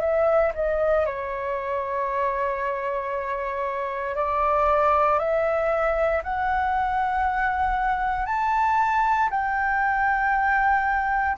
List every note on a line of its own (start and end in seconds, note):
0.00 0.52 E5
0.55 1.06 D#5
1.06 4.15 C#5
4.15 5.19 D5
5.19 6.22 E5
6.23 8.26 F#5
8.26 9.29 A5
9.30 11.37 G5